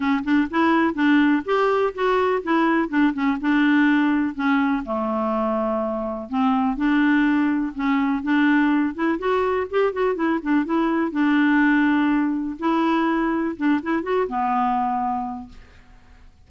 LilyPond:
\new Staff \with { instrumentName = "clarinet" } { \time 4/4 \tempo 4 = 124 cis'8 d'8 e'4 d'4 g'4 | fis'4 e'4 d'8 cis'8 d'4~ | d'4 cis'4 a2~ | a4 c'4 d'2 |
cis'4 d'4. e'8 fis'4 | g'8 fis'8 e'8 d'8 e'4 d'4~ | d'2 e'2 | d'8 e'8 fis'8 b2~ b8 | }